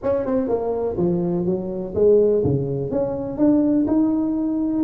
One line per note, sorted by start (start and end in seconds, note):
0.02 0.25 C#4
0.25 0.48 C4
0.48 0.97 A#3
0.97 1.45 F3
1.45 1.94 F#3
1.94 2.43 G#3
2.43 2.90 C#3
2.90 3.37 C#4
3.37 3.86 D4
3.87 4.83 D#4